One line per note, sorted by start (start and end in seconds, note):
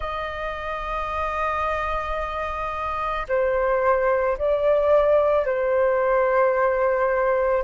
0.00 3.27 D#5
3.28 4.37 C5
4.37 5.45 D5
5.45 7.63 C5